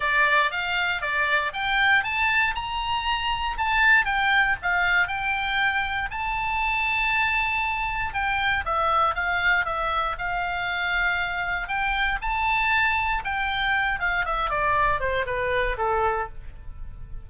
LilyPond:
\new Staff \with { instrumentName = "oboe" } { \time 4/4 \tempo 4 = 118 d''4 f''4 d''4 g''4 | a''4 ais''2 a''4 | g''4 f''4 g''2 | a''1 |
g''4 e''4 f''4 e''4 | f''2. g''4 | a''2 g''4. f''8 | e''8 d''4 c''8 b'4 a'4 | }